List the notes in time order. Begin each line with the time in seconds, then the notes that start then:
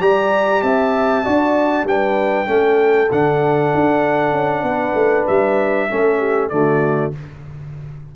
0.00 G3 G4 D5 A#5
0.62 C4 E5 A5
1.25 D4 F#4 D5
1.84 G3 D4 B4 G5
2.46 A3 C#4 A4
3.12 D3 D4 F#5
3.74 D4
4.32 C#4
4.63 B3 B4
4.94 A3
5.27 G3 E5
5.90 A3 C#4 A4
6.19 G4
6.49 D3 A3 F#4 D5